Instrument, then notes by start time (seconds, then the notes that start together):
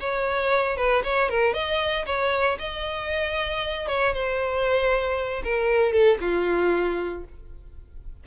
violin
0.00 C#5
0.77 B4
1.04 C#5
1.29 A#4
1.54 D#5
2.06 C#5
2.59 D#5
3.88 C#5
4.14 C5
5.44 A#4
5.92 A4
6.20 F4